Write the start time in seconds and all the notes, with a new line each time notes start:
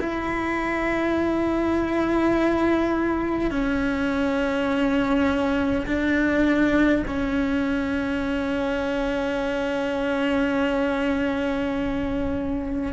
0.00 E4
3.51 C#4
5.87 D4
7.07 C#4